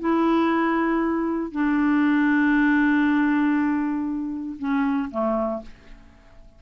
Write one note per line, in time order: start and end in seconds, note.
0.00 1.52 E4
1.52 4.57 D4
4.59 5.10 C#4
5.11 5.62 A3